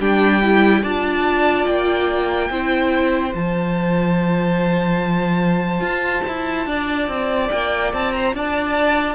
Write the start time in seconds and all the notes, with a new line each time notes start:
0.00 G3 D4 G4 G5
0.42 E4
0.82 D4 F4 D5 A5
1.67 A#3 G5
2.50 C4 E4 C5
3.32 F3 F4 A5
5.81 F4
6.28 E4
6.66 D4 D5
7.08 C4
7.50 A#3 G5
7.93 C4 A5
8.12 C5 A#5
8.33 D4 D5 A5